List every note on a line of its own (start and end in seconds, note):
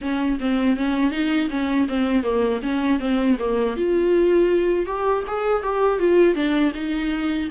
0.01 0.38 C#4
0.40 0.76 C4
0.76 1.11 C#4
1.11 1.48 D#4
1.50 1.87 C#4
1.88 2.23 C4
2.23 2.60 A#3
2.62 2.99 C#4
2.99 3.37 C4
3.39 3.76 A#3
3.76 4.86 F4
4.86 5.23 G4
5.27 5.62 G#4
5.62 5.99 G4
5.99 6.34 F4
6.34 6.72 D4
6.74 7.49 D#4